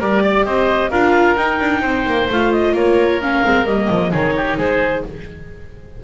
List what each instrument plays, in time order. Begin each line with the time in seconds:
0.00 double bass G3, viola G4, oboe A#4, clarinet D5
0.24 oboe D5
0.45 double bass C4, oboe C5, clarinet D#5
0.91 double bass D4, viola F4, oboe A#4, clarinet F5
1.36 double bass D#4, viola D#4, clarinet G5
1.60 double bass D4
1.82 double bass C4, oboe C5
2.06 double bass A#3
2.29 double bass A3, viola F4, clarinet F5
2.52 clarinet D#5
2.73 double bass A#3, oboe A#4, clarinet C#5
3.21 viola C#4, clarinet F5
3.44 double bass G#3, viola C4
3.65 double bass G3, viola A#3, clarinet D#5
3.90 double bass F3
4.11 double bass D#3, viola D#4, oboe G#4, clarinet C#5
4.37 oboe G4
4.57 double bass G#3, oboe G#4, clarinet C5